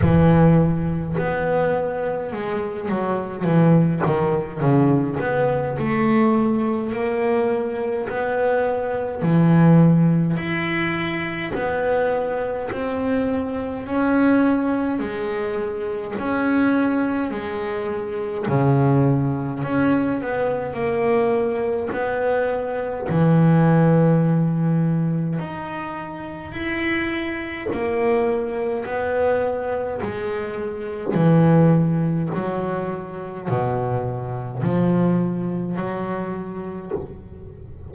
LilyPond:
\new Staff \with { instrumentName = "double bass" } { \time 4/4 \tempo 4 = 52 e4 b4 gis8 fis8 e8 dis8 | cis8 b8 a4 ais4 b4 | e4 e'4 b4 c'4 | cis'4 gis4 cis'4 gis4 |
cis4 cis'8 b8 ais4 b4 | e2 dis'4 e'4 | ais4 b4 gis4 e4 | fis4 b,4 f4 fis4 | }